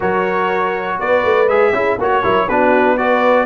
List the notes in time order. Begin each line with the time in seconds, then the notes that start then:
0.00 F#3 F#4 A#4 C#5
0.99 B3 B4 D5
1.24 A3
1.48 G#3 G#4 E5
1.72 C#4 E4 G#4
1.98 A#3 F#4 C#5
2.23 F#3 E4 A#4
2.48 B3 D4 F#4 B4
2.97 F#4 B4 D5